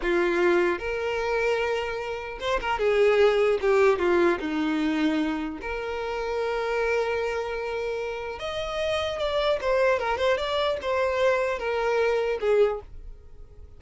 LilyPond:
\new Staff \with { instrumentName = "violin" } { \time 4/4 \tempo 4 = 150 f'2 ais'2~ | ais'2 c''8 ais'8 gis'4~ | gis'4 g'4 f'4 dis'4~ | dis'2 ais'2~ |
ais'1~ | ais'4 dis''2 d''4 | c''4 ais'8 c''8 d''4 c''4~ | c''4 ais'2 gis'4 | }